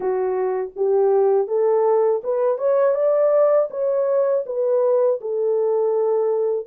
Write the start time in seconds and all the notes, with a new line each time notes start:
0.00 F#4
0.75 G4
1.47 A4
2.23 B4
2.57 C#5
2.95 D5
3.70 C#5
4.45 B4
5.21 A4